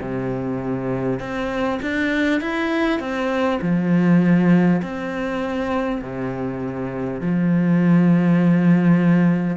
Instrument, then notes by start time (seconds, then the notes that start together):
cello
0.00 C3
1.19 C4
1.82 D4
2.40 E4
2.99 C4
3.61 F3
4.82 C4
6.01 C3
7.21 F3